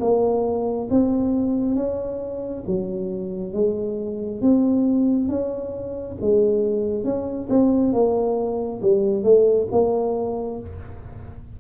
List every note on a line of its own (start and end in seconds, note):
0.00 0.88 A#3
0.90 1.75 C4
1.75 2.64 C#4
2.66 3.53 F#3
3.53 4.41 G#3
4.41 5.28 C4
5.28 6.16 C#4
6.21 7.04 G#3
7.04 7.48 C#4
7.50 7.93 C4
7.93 8.81 A#3
8.82 9.23 G3
9.23 9.67 A3
9.71 10.59 A#3